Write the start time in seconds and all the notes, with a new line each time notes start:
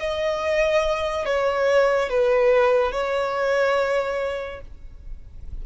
0.00 D#5
1.26 C#5
2.10 B4
2.92 C#5